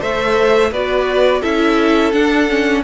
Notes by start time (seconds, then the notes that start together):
0.00 A3 A4 C5 E5
0.72 B3 F#4 B4 D5
1.42 C#4 E4 A4 E5
2.12 D4 F#5
2.50 C#4